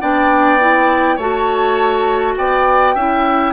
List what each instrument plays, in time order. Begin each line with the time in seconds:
0.00 bassoon B3, clarinet D4, oboe D5, flute G5
0.59 clarinet E4
1.16 bassoon A3, clarinet F#4, oboe C#5, flute A5
2.37 bassoon B3, oboe D5, flute G5
2.94 bassoon C#4, clarinet E4, oboe E5